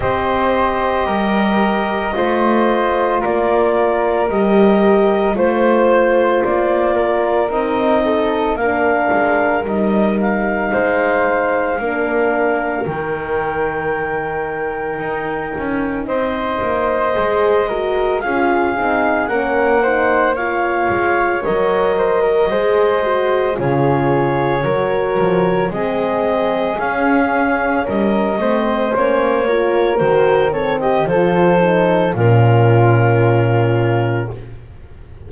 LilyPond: <<
  \new Staff \with { instrumentName = "clarinet" } { \time 4/4 \tempo 4 = 56 dis''2. d''4 | dis''4 c''4 d''4 dis''4 | f''4 dis''8 f''2~ f''8 | g''2. dis''4~ |
dis''4 f''4 fis''4 f''4 | dis''2 cis''2 | dis''4 f''4 dis''4 cis''4 | c''8 cis''16 dis''16 c''4 ais'2 | }
  \new Staff \with { instrumentName = "flute" } { \time 4/4 c''4 ais'4 c''4 ais'4~ | ais'4 c''4. ais'4 a'8 | ais'2 c''4 ais'4~ | ais'2. c''4~ |
c''8 ais'8 gis'4 ais'8 c''8 cis''4~ | cis''8 c''16 ais'16 c''4 gis'4 ais'4 | gis'2 ais'8 c''4 ais'8~ | ais'8 a'16 g'16 a'4 f'2 | }
  \new Staff \with { instrumentName = "horn" } { \time 4/4 g'2 f'2 | g'4 f'2 dis'4 | d'4 dis'2 d'4 | dis'1 |
gis'8 fis'8 f'8 dis'8 cis'8 dis'8 f'4 | ais'4 gis'8 fis'8 f'4 fis'4 | c'4 cis'4. c'8 cis'8 f'8 | fis'8 c'8 f'8 dis'8 cis'2 | }
  \new Staff \with { instrumentName = "double bass" } { \time 4/4 c'4 g4 a4 ais4 | g4 a4 ais4 c'4 | ais8 gis8 g4 gis4 ais4 | dis2 dis'8 cis'8 c'8 ais8 |
gis4 cis'8 c'8 ais4. gis8 | fis4 gis4 cis4 fis8 f8 | gis4 cis'4 g8 a8 ais4 | dis4 f4 ais,2 | }
>>